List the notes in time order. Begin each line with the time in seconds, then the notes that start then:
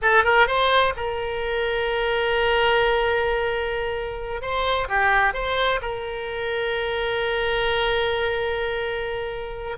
0.01 A4
0.23 A#4
0.47 C5
0.96 A#4
4.41 C5
4.88 G4
5.33 C5
5.81 A#4